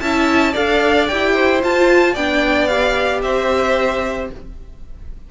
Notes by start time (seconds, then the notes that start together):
0.00 C#4 E4 E5 A5
0.52 D4 A4 D5 F5
1.07 E4 G4 G5
1.34 C5
1.61 F4 A5
2.13 B3 D4 D5 G5
2.67 G4 F5
3.22 C4 C5 E5